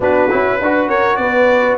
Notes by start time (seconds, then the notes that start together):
0.00 B3 D4 F#4 B4
0.29 C#4 E4
0.60 D4 F#4 B4
0.88 C#4 A#4 C#5
1.16 B3 B4 D5